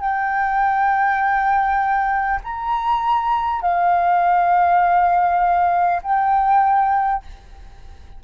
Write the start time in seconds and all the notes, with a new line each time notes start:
0.00 G5
2.43 A#5
3.61 F5
6.03 G5